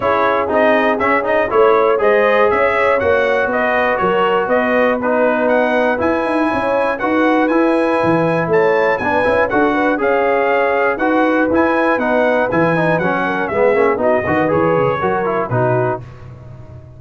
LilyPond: <<
  \new Staff \with { instrumentName = "trumpet" } { \time 4/4 \tempo 4 = 120 cis''4 dis''4 e''8 dis''8 cis''4 | dis''4 e''4 fis''4 dis''4 | cis''4 dis''4 b'4 fis''4 | gis''2 fis''4 gis''4~ |
gis''4 a''4 gis''4 fis''4 | f''2 fis''4 gis''4 | fis''4 gis''4 fis''4 e''4 | dis''4 cis''2 b'4 | }
  \new Staff \with { instrumentName = "horn" } { \time 4/4 gis'2. cis''4 | c''4 cis''2 b'4 | ais'4 b'2.~ | b'4 cis''4 b'2~ |
b'4 cis''4 b'4 a'8 b'8 | cis''2 b'2~ | b'2~ b'8 ais'8 gis'4 | fis'8 b'4. ais'4 fis'4 | }
  \new Staff \with { instrumentName = "trombone" } { \time 4/4 e'4 dis'4 cis'8 dis'8 e'4 | gis'2 fis'2~ | fis'2 dis'2 | e'2 fis'4 e'4~ |
e'2 d'8 e'8 fis'4 | gis'2 fis'4 e'4 | dis'4 e'8 dis'8 cis'4 b8 cis'8 | dis'8 fis'8 gis'4 fis'8 e'8 dis'4 | }
  \new Staff \with { instrumentName = "tuba" } { \time 4/4 cis'4 c'4 cis'4 a4 | gis4 cis'4 ais4 b4 | fis4 b2. | e'8 dis'8 cis'4 dis'4 e'4 |
e4 a4 b8 cis'8 d'4 | cis'2 dis'4 e'4 | b4 e4 fis4 gis8 ais8 | b8 dis8 e8 cis8 fis4 b,4 | }
>>